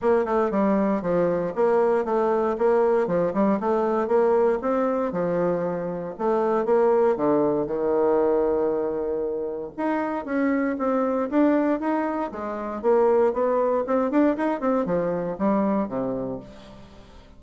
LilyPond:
\new Staff \with { instrumentName = "bassoon" } { \time 4/4 \tempo 4 = 117 ais8 a8 g4 f4 ais4 | a4 ais4 f8 g8 a4 | ais4 c'4 f2 | a4 ais4 d4 dis4~ |
dis2. dis'4 | cis'4 c'4 d'4 dis'4 | gis4 ais4 b4 c'8 d'8 | dis'8 c'8 f4 g4 c4 | }